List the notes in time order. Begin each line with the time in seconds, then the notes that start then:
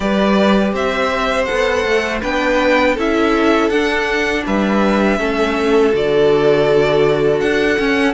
0.00 G3 G4 B4 D5
0.73 C4 C5 E5
1.44 B3 A4 F#5
1.84 A3
2.21 B3 D4 B4 G5
2.95 C#4 E4 A4 E5
3.69 D4 F#5
4.46 G3 B4 E5
5.18 A3 C#4 A4
5.92 D3 F#4 D5
7.40 D4 F#5
7.78 C#4